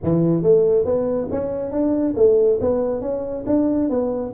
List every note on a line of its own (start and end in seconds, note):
0.03 0.43 E3
0.43 0.85 A3
0.85 1.28 B3
1.31 1.71 C#4
1.71 2.14 D4
2.16 2.59 A3
2.61 3.01 B3
3.01 3.44 C#4
3.46 3.89 D4
3.89 4.33 B3